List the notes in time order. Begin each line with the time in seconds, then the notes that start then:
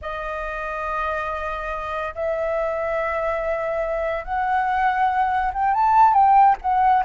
0.01 D#5
2.15 E5
4.24 F#5
5.53 G5
5.73 A5
6.13 G5
6.61 F#5